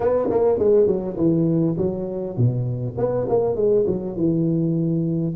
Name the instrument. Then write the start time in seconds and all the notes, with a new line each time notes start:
tuba
0.00 B3
0.29 A#3
0.59 G#3
0.86 F#3
1.17 E3
1.77 F#3
2.37 B2
2.97 B3
3.28 A#3
3.55 G#3
3.86 F#3
4.16 E3